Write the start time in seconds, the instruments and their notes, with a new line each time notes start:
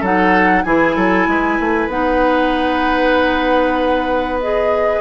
0.00 bassoon F#3, clarinet D#4, oboe A4, flute F#5
0.63 bassoon E3, clarinet E4, oboe G#4, flute G#5
0.95 bassoon F#3, oboe A4
1.27 bassoon G#3, oboe B4
1.59 bassoon A3
1.87 bassoon B3, clarinet D#4, flute F#5
4.40 clarinet G#4, flute D#5